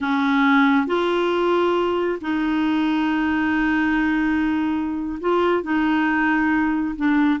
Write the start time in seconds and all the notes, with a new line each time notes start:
0.01 C#4
0.87 F4
2.21 D#4
5.20 F4
5.62 D#4
6.96 D4